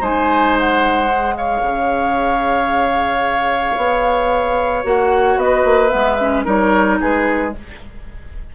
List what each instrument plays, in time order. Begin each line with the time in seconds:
0.00 bassoon G#3, clarinet D#4, oboe C5, flute G#5
0.59 flute F#5
1.08 clarinet G#4
1.36 oboe C#5, flute F5
1.62 bassoon C#3
3.76 bassoon B3
4.83 bassoon A#3, clarinet F#4, flute F#5
5.36 bassoon B3, flute D#5
5.43 oboe B4
5.64 bassoon A#3
5.88 bassoon G#3, clarinet B3, flute E5
6.20 clarinet C#4
6.44 bassoon G3, clarinet D#4, oboe A#4, flute C#5
7.00 bassoon G#3, oboe G#4, flute B4